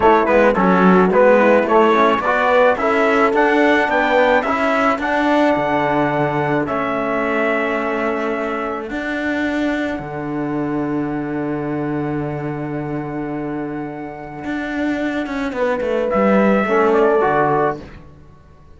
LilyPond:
<<
  \new Staff \with { instrumentName = "trumpet" } { \time 4/4 \tempo 4 = 108 cis''8 b'8 a'4 b'4 cis''4 | d''4 e''4 fis''4 g''4 | e''4 fis''2. | e''1 |
fis''1~ | fis''1~ | fis''1~ | fis''4 e''4. d''4. | }
  \new Staff \with { instrumentName = "horn" } { \time 4/4 e'4 fis'4. e'4. | b'4 a'2 b'4 | a'1~ | a'1~ |
a'1~ | a'1~ | a'1 | b'2 a'2 | }
  \new Staff \with { instrumentName = "trombone" } { \time 4/4 a8 b8 cis'4 b4 a8 cis'8 | fis'4 e'4 d'2 | e'4 d'2. | cis'1 |
d'1~ | d'1~ | d'1~ | d'2 cis'4 fis'4 | }
  \new Staff \with { instrumentName = "cello" } { \time 4/4 a8 gis8 fis4 gis4 a4 | b4 cis'4 d'4 b4 | cis'4 d'4 d2 | a1 |
d'2 d2~ | d1~ | d2 d'4. cis'8 | b8 a8 g4 a4 d4 | }
>>